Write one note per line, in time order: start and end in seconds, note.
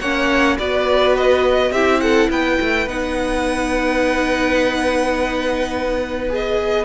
0.00 0.58 A#3
0.00 0.59 C#4
0.00 0.57 C#5
0.00 0.57 F#5
0.58 1.71 B3
0.58 1.73 F#4
0.58 1.72 B4
0.58 1.15 D5
1.17 1.72 D#5
1.71 2.28 C4
1.71 2.88 E4
1.71 2.00 G4
1.71 2.00 E5
2.00 2.30 A4
2.00 2.29 F#5
2.29 2.58 B3
2.29 6.85 B4
2.29 2.88 G5
2.61 2.86 A3
2.86 6.85 B3
2.86 6.29 D#4
2.86 6.31 F#5
6.29 6.85 G#4
6.29 6.85 D#5